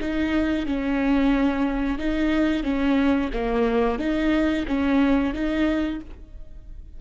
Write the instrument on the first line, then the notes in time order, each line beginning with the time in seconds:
viola
0.00 D#4
0.66 C#4
1.98 D#4
2.63 C#4
3.33 A#3
3.99 D#4
4.67 C#4
5.34 D#4